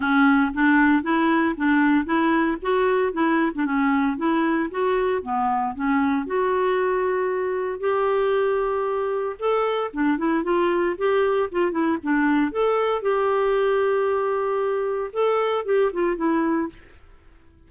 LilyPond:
\new Staff \with { instrumentName = "clarinet" } { \time 4/4 \tempo 4 = 115 cis'4 d'4 e'4 d'4 | e'4 fis'4 e'8. d'16 cis'4 | e'4 fis'4 b4 cis'4 | fis'2. g'4~ |
g'2 a'4 d'8 e'8 | f'4 g'4 f'8 e'8 d'4 | a'4 g'2.~ | g'4 a'4 g'8 f'8 e'4 | }